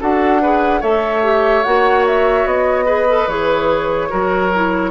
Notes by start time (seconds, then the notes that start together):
0.00 D4 F#4 A4 F#5
0.42 G#4 B4
0.81 A3 A4 C#5 E5
1.23 G4
1.64 A#3 F#4 F#5
2.08 E5
2.46 B3 D#5
2.86 G#4 B4
3.09 A4
3.27 E3 G#4 C#5
4.10 F#3 F#4 A#4
4.55 E4